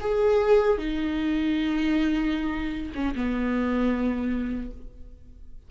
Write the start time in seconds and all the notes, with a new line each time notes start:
0.00 G#4
0.78 D#4
2.94 C#4
3.15 B3